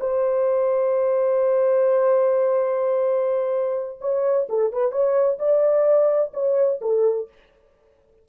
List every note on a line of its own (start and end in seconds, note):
0.00 3.98 C5
4.01 4.47 C#5
4.49 4.72 A4
4.72 4.92 B4
4.92 5.38 C#5
5.38 6.32 D5
6.33 6.80 C#5
6.81 7.28 A4